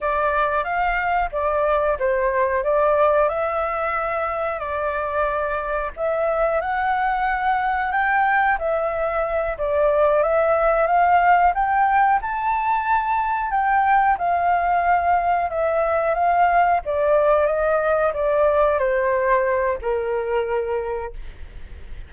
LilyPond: \new Staff \with { instrumentName = "flute" } { \time 4/4 \tempo 4 = 91 d''4 f''4 d''4 c''4 | d''4 e''2 d''4~ | d''4 e''4 fis''2 | g''4 e''4. d''4 e''8~ |
e''8 f''4 g''4 a''4.~ | a''8 g''4 f''2 e''8~ | e''8 f''4 d''4 dis''4 d''8~ | d''8 c''4. ais'2 | }